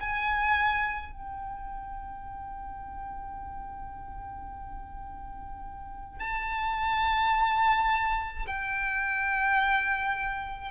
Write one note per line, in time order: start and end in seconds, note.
0.00 1.12 G#5
1.12 6.20 G5
6.20 8.46 A5
8.47 10.71 G5